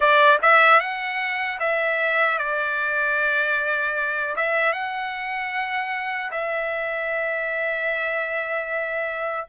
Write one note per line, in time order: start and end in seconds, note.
0.00 0.38 D5
0.42 0.80 E5
0.80 1.59 F#5
1.59 2.38 E5
2.38 4.35 D5
4.36 4.72 E5
4.72 6.30 F#5
6.31 9.47 E5